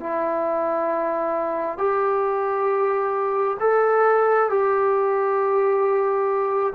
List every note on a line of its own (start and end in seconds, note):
0.00 1.78 E4
1.78 3.57 G4
3.60 4.49 A4
4.49 6.73 G4